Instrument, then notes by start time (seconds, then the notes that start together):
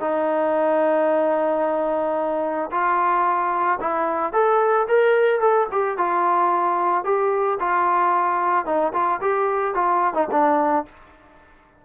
trombone
0.00 D#4
2.71 F4
3.80 E4
4.33 A4
4.88 A#4
5.40 A4
5.72 G4
5.97 F4
7.04 G4
7.59 F4
8.65 D#4
8.93 F4
9.21 G4
9.74 F4
10.14 D#4
10.31 D4